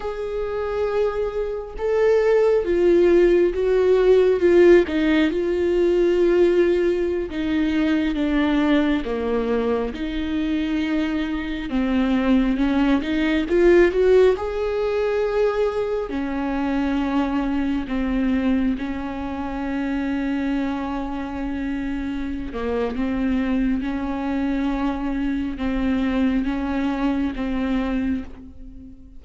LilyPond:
\new Staff \with { instrumentName = "viola" } { \time 4/4 \tempo 4 = 68 gis'2 a'4 f'4 | fis'4 f'8 dis'8 f'2~ | f'16 dis'4 d'4 ais4 dis'8.~ | dis'4~ dis'16 c'4 cis'8 dis'8 f'8 fis'16~ |
fis'16 gis'2 cis'4.~ cis'16~ | cis'16 c'4 cis'2~ cis'8.~ | cis'4. ais8 c'4 cis'4~ | cis'4 c'4 cis'4 c'4 | }